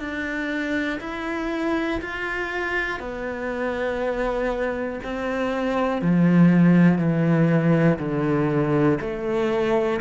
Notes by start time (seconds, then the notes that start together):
0.00 D4
1.01 E4
2.01 F4
3.00 B3
5.04 C4
6.02 F3
6.99 E3
7.99 D3
9.01 A3